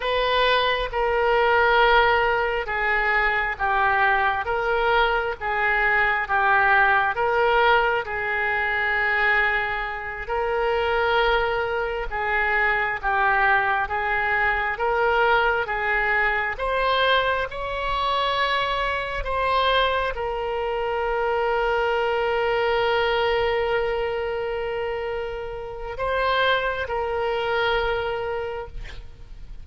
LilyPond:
\new Staff \with { instrumentName = "oboe" } { \time 4/4 \tempo 4 = 67 b'4 ais'2 gis'4 | g'4 ais'4 gis'4 g'4 | ais'4 gis'2~ gis'8 ais'8~ | ais'4. gis'4 g'4 gis'8~ |
gis'8 ais'4 gis'4 c''4 cis''8~ | cis''4. c''4 ais'4.~ | ais'1~ | ais'4 c''4 ais'2 | }